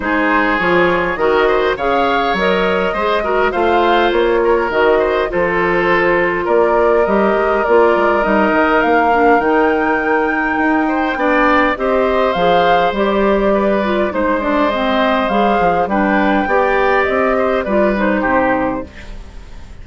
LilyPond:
<<
  \new Staff \with { instrumentName = "flute" } { \time 4/4 \tempo 4 = 102 c''4 cis''4 dis''4 f''4 | dis''2 f''4 cis''4 | dis''4 c''2 d''4 | dis''4 d''4 dis''4 f''4 |
g''1 | dis''4 f''4 d''2 | c''8 d''8 dis''4 f''4 g''4~ | g''4 dis''4 d''8 c''4. | }
  \new Staff \with { instrumentName = "oboe" } { \time 4/4 gis'2 ais'8 c''8 cis''4~ | cis''4 c''8 ais'8 c''4. ais'8~ | ais'8 c''8 a'2 ais'4~ | ais'1~ |
ais'2~ ais'8 c''8 d''4 | c''2. b'4 | c''2. b'4 | d''4. c''8 b'4 g'4 | }
  \new Staff \with { instrumentName = "clarinet" } { \time 4/4 dis'4 f'4 fis'4 gis'4 | ais'4 gis'8 fis'8 f'2 | fis'4 f'2. | g'4 f'4 dis'4. d'8 |
dis'2. d'4 | g'4 gis'4 g'4. f'8 | dis'8 d'8 c'4 gis'4 d'4 | g'2 f'8 dis'4. | }
  \new Staff \with { instrumentName = "bassoon" } { \time 4/4 gis4 f4 dis4 cis4 | fis4 gis4 a4 ais4 | dis4 f2 ais4 | g8 gis8 ais8 gis8 g8 dis8 ais4 |
dis2 dis'4 b4 | c'4 f4 g2 | gis2 g8 f8 g4 | b4 c'4 g4 c4 | }
>>